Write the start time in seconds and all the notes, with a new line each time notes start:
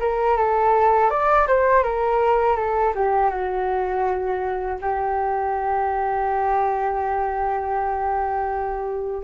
0.00 A#4
0.37 A4
1.10 D5
1.47 C5
1.84 A#4
2.56 A4
2.95 G4
3.30 F#4
4.82 G4